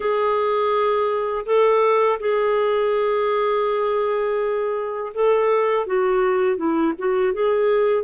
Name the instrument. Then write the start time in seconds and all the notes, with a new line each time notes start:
clarinet
0.00 G#4
1.45 A4
2.19 G#4
5.14 A4
5.86 F#4
6.57 E4
6.98 F#4
7.33 G#4